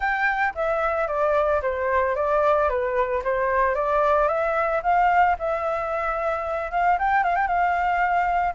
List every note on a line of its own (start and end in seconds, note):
0.00 0.53 G5
0.54 1.07 E5
1.07 1.61 D5
1.61 2.15 C5
2.15 2.69 D5
2.69 3.22 B4
3.24 3.75 C5
3.75 4.28 D5
4.28 4.81 E5
4.82 5.36 F5
5.38 6.71 E5
6.71 6.98 F5
6.98 7.23 G5
7.23 7.35 F5
7.35 7.47 G5
7.47 8.54 F5